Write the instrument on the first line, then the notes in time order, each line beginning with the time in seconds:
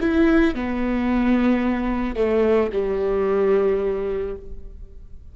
viola
0.00 E4
0.55 B3
2.15 A3
2.72 G3